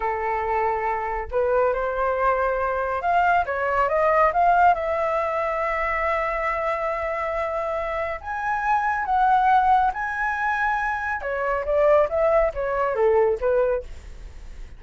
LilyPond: \new Staff \with { instrumentName = "flute" } { \time 4/4 \tempo 4 = 139 a'2. b'4 | c''2. f''4 | cis''4 dis''4 f''4 e''4~ | e''1~ |
e''2. gis''4~ | gis''4 fis''2 gis''4~ | gis''2 cis''4 d''4 | e''4 cis''4 a'4 b'4 | }